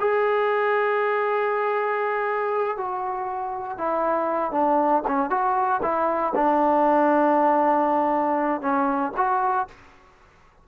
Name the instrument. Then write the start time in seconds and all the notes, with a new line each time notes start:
trombone
0.00 G#4
2.78 F#4
3.78 E4
4.52 D4
5.08 C#4
5.31 F#4
5.83 E4
6.36 D4
8.62 C#4
9.17 F#4